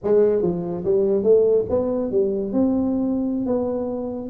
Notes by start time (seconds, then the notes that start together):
0.03 G#3
0.42 F3
0.84 G3
1.23 A3
1.69 B3
2.11 G3
2.52 C4
3.46 B3